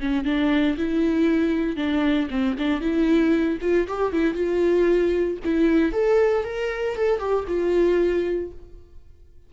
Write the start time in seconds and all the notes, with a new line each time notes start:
0.00 C#4
0.25 D4
0.78 E4
1.77 D4
2.31 C4
2.59 D4
2.81 E4
3.62 F4
3.88 G4
4.13 E4
4.34 F4
5.45 E4
5.93 A4
6.45 A#4
6.96 A4
7.20 G4
7.48 F4